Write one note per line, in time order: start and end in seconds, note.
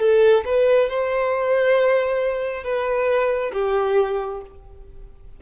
0.00 0.44 A4
0.45 0.89 B4
0.90 2.64 C5
2.64 3.52 B4
3.53 4.41 G4